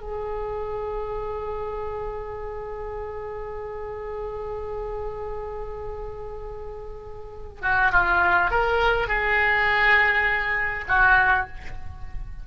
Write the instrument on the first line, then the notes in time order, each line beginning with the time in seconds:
oboe
0.00 G#4
7.61 F#4
7.92 F4
8.51 A#4
9.07 G#4
10.88 F#4